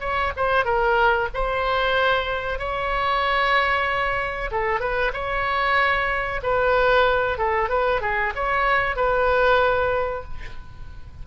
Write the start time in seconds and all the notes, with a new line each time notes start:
0.00 C#5
0.36 C5
0.65 A#4
1.34 C5
2.59 C#5
4.51 A4
4.80 B4
5.13 C#5
6.43 B4
7.38 A4
7.69 B4
8.01 G#4
8.35 C#5
8.96 B4